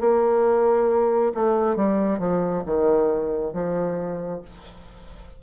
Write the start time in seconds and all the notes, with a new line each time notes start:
0.00 A#3
1.34 A3
1.76 G3
2.19 F3
2.66 D#3
3.53 F3